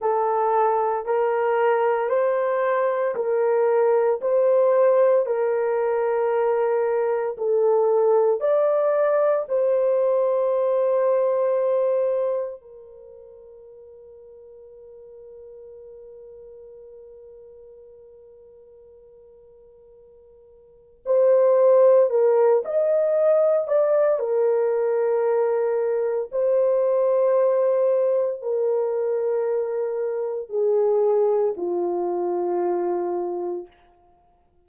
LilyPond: \new Staff \with { instrumentName = "horn" } { \time 4/4 \tempo 4 = 57 a'4 ais'4 c''4 ais'4 | c''4 ais'2 a'4 | d''4 c''2. | ais'1~ |
ais'1 | c''4 ais'8 dis''4 d''8 ais'4~ | ais'4 c''2 ais'4~ | ais'4 gis'4 f'2 | }